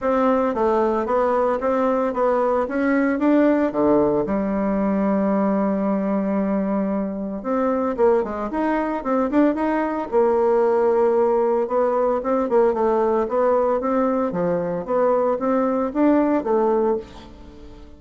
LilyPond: \new Staff \with { instrumentName = "bassoon" } { \time 4/4 \tempo 4 = 113 c'4 a4 b4 c'4 | b4 cis'4 d'4 d4 | g1~ | g2 c'4 ais8 gis8 |
dis'4 c'8 d'8 dis'4 ais4~ | ais2 b4 c'8 ais8 | a4 b4 c'4 f4 | b4 c'4 d'4 a4 | }